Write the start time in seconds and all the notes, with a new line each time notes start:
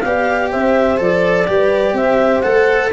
0.00 B3 G4 D5 F5
0.51 C4 C5 E5
0.97 F3 A4 D5
1.48 G3 G4 B4
1.93 C4 C5 E5
2.41 A3 A4 F#5